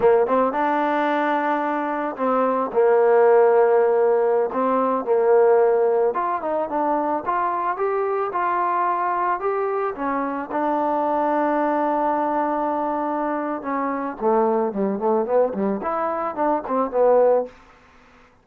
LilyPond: \new Staff \with { instrumentName = "trombone" } { \time 4/4 \tempo 4 = 110 ais8 c'8 d'2. | c'4 ais2.~ | ais16 c'4 ais2 f'8 dis'16~ | dis'16 d'4 f'4 g'4 f'8.~ |
f'4~ f'16 g'4 cis'4 d'8.~ | d'1~ | d'4 cis'4 a4 g8 a8 | b8 g8 e'4 d'8 c'8 b4 | }